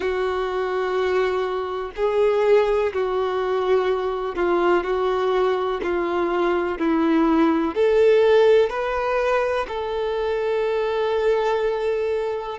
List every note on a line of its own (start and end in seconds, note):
0.00 1.91 F#4
1.96 2.93 G#4
2.93 4.35 F#4
4.35 4.83 F4
4.83 5.80 F#4
5.82 6.78 F4
6.78 7.74 E4
7.74 8.69 A4
8.69 9.66 B4
9.68 12.58 A4